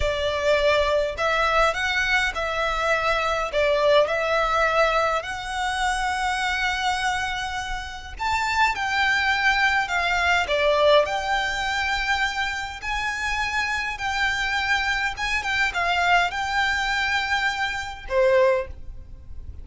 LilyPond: \new Staff \with { instrumentName = "violin" } { \time 4/4 \tempo 4 = 103 d''2 e''4 fis''4 | e''2 d''4 e''4~ | e''4 fis''2.~ | fis''2 a''4 g''4~ |
g''4 f''4 d''4 g''4~ | g''2 gis''2 | g''2 gis''8 g''8 f''4 | g''2. c''4 | }